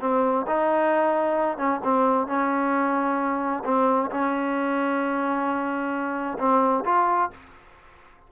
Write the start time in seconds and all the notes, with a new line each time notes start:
0.00 C4
0.47 D#4
1.57 C#4
1.83 C4
2.27 C#4
3.64 C4
4.10 C#4
6.38 C4
6.85 F4